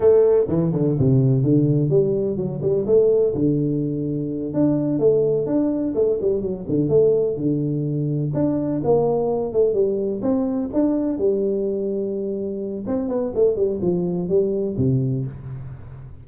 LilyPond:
\new Staff \with { instrumentName = "tuba" } { \time 4/4 \tempo 4 = 126 a4 e8 d8 c4 d4 | g4 fis8 g8 a4 d4~ | d4. d'4 a4 d'8~ | d'8 a8 g8 fis8 d8 a4 d8~ |
d4. d'4 ais4. | a8 g4 c'4 d'4 g8~ | g2. c'8 b8 | a8 g8 f4 g4 c4 | }